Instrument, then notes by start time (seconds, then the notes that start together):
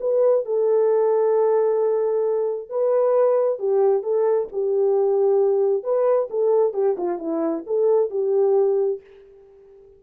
horn
0.00 B4
0.45 A4
2.69 B4
3.59 G4
4.03 A4
4.52 G4
5.83 B4
6.30 A4
6.73 G4
6.97 F4
7.18 E4
7.66 A4
8.10 G4